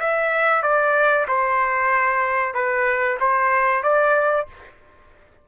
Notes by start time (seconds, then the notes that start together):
0.00 E5
0.63 D5
1.28 C5
2.55 B4
3.20 C5
3.84 D5